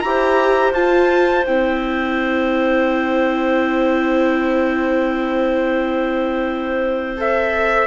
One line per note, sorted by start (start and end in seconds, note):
0.00 0.71 E4
0.00 0.73 G4
0.00 7.87 C5
0.00 0.71 A#5
0.71 1.43 F4
0.71 1.45 F4
0.71 1.45 A5
1.45 7.87 C4
1.45 7.17 E4
1.45 7.17 G5
7.17 7.87 A4
7.17 7.87 E5